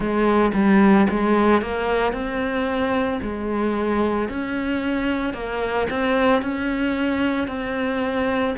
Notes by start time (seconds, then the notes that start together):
0.00 G#3
0.54 G3
1.09 G#3
1.61 A#3
2.12 C4
3.21 G#3
4.29 C#4
5.33 A#3
5.90 C4
6.42 C#4
7.47 C4